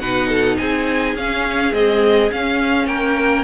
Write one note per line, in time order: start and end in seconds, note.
0.00 0.58 B2
0.00 1.17 D#4
0.00 0.29 B4
0.00 0.58 F#5
0.29 0.58 A4
0.58 1.15 C4
0.58 2.88 G#4
0.58 1.16 G#5
1.15 1.73 C#4
1.15 1.74 F5
1.73 2.31 G#3
1.73 2.31 C4
1.73 2.32 D#5
2.32 3.44 C#4
2.32 2.87 C#4
2.32 2.87 F5
2.87 3.44 A#3
2.87 3.44 A#4
2.87 3.44 G5